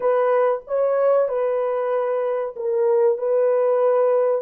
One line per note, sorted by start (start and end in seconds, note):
0.00 0.61 B4
0.67 1.28 C#5
1.28 2.54 B4
2.56 3.18 A#4
3.18 4.41 B4